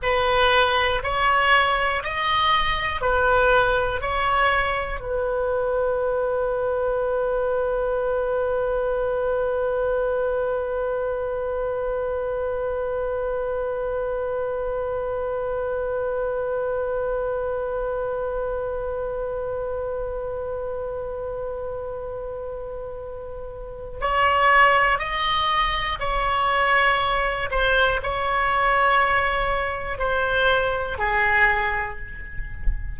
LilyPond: \new Staff \with { instrumentName = "oboe" } { \time 4/4 \tempo 4 = 60 b'4 cis''4 dis''4 b'4 | cis''4 b'2.~ | b'1~ | b'1~ |
b'1~ | b'1 | cis''4 dis''4 cis''4. c''8 | cis''2 c''4 gis'4 | }